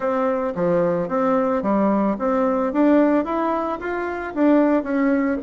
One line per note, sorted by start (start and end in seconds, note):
0.00 0.53 C4
0.55 1.08 F3
1.08 1.62 C4
1.62 2.16 G3
2.18 2.72 C4
2.72 3.24 D4
3.24 3.78 E4
3.80 4.34 F4
4.34 4.83 D4
4.83 5.37 C#4